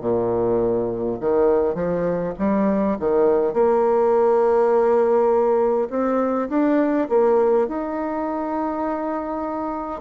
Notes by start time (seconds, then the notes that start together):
0.00 A#2
1.20 D#3
1.74 F3
2.38 G3
2.99 D#3
3.53 A#3
5.89 C4
6.49 D4
7.09 A#3
7.67 D#4